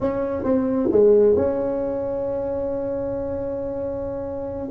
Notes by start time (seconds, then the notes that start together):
0.01 C#4
0.43 C4
0.91 G#3
1.36 C#4